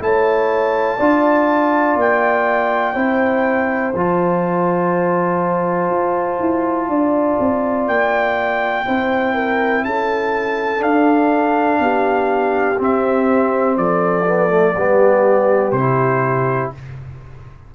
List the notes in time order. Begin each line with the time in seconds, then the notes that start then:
0.00 A3 E4 C#5 A5
0.97 D4 F4 D5
1.96 A#3 G5
2.94 C4 E4 C5
3.94 F3 F4 A5
5.90 F4
6.40 E4
6.89 D4 D5
7.40 C4
7.88 A#3 G5
8.85 C4 E4 C5
9.34 A#4
9.85 C#4 A4 A5
10.78 D4 F5
11.80 B3 G4
12.78 C4 E5
13.77 F3 A4 D5
14.26 B3
14.50 A3
14.76 G3 B3 G4
15.72 C3 E4 C5